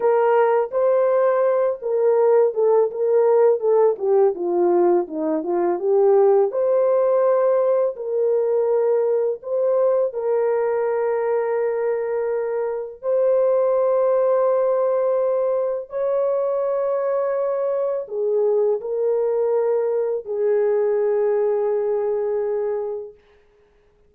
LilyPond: \new Staff \with { instrumentName = "horn" } { \time 4/4 \tempo 4 = 83 ais'4 c''4. ais'4 a'8 | ais'4 a'8 g'8 f'4 dis'8 f'8 | g'4 c''2 ais'4~ | ais'4 c''4 ais'2~ |
ais'2 c''2~ | c''2 cis''2~ | cis''4 gis'4 ais'2 | gis'1 | }